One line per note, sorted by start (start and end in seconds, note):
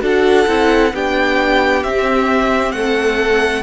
0.00 0.46 D4
0.00 0.45 F#4
0.00 0.93 A4
0.00 0.95 F#5
0.47 0.92 C4
0.47 0.92 E4
0.93 1.84 B3
0.93 1.84 D4
0.93 2.75 G4
0.93 1.83 G5
1.83 2.72 C4
1.83 3.62 C4
1.83 2.72 E5
2.72 3.62 A3
2.72 3.62 A4
2.72 3.62 F#5